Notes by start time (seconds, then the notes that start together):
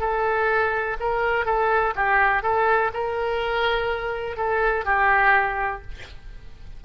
0.00 A4
1.00 A#4
1.46 A4
1.95 G4
2.43 A4
2.93 A#4
4.37 A4
4.86 G4